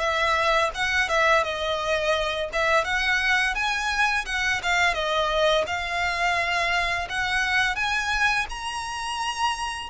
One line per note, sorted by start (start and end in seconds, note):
0.00 0.71 E5
0.75 1.09 F#5
1.09 1.44 E5
1.44 2.50 D#5
2.53 2.85 E5
2.85 3.55 F#5
3.55 4.26 G#5
4.26 4.61 F#5
4.63 4.94 F5
4.94 5.65 D#5
5.67 7.08 F5
7.10 7.76 F#5
7.76 8.46 G#5
8.50 9.90 A#5